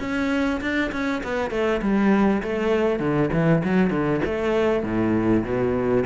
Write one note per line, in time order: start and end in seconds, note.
0.00 0.61 C#4
0.61 0.91 D4
0.92 1.22 C#4
1.23 1.51 B3
1.51 1.81 A3
1.82 2.42 G3
2.43 2.99 A3
2.99 3.30 D3
3.33 3.63 E3
3.64 3.90 F#3
3.90 4.21 D3
4.25 4.83 A3
4.83 5.44 A2
5.44 6.05 B2